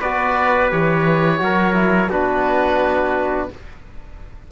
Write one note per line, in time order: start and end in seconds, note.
0.00 0.72 B3
0.00 0.70 F#4
0.00 1.40 B4
0.00 0.71 D5
0.70 1.40 E3
0.70 1.38 G4
0.70 2.11 C#5
1.38 2.09 F#3
1.38 1.73 F#4
1.38 2.10 A#4
1.73 2.08 E4
2.09 3.48 B3
2.09 3.50 D4
2.09 3.49 F#4
2.09 3.51 B4